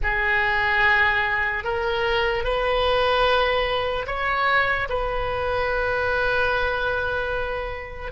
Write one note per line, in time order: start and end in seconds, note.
0.03 1.64 G#4
1.64 2.43 A#4
2.43 4.05 B4
4.07 4.88 C#5
4.89 8.11 B4